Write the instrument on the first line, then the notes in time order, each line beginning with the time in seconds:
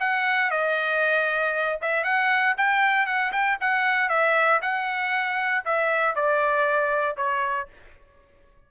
trumpet
0.00 F#5
0.51 D#5
1.81 E5
2.04 F#5
2.58 G5
3.06 F#5
3.32 G5
3.61 F#5
4.09 E5
4.62 F#5
5.65 E5
6.15 D5
7.17 C#5